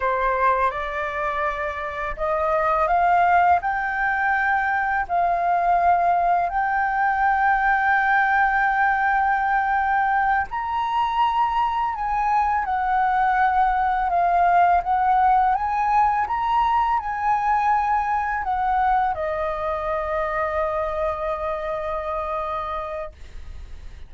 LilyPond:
\new Staff \with { instrumentName = "flute" } { \time 4/4 \tempo 4 = 83 c''4 d''2 dis''4 | f''4 g''2 f''4~ | f''4 g''2.~ | g''2~ g''8 ais''4.~ |
ais''8 gis''4 fis''2 f''8~ | f''8 fis''4 gis''4 ais''4 gis''8~ | gis''4. fis''4 dis''4.~ | dis''1 | }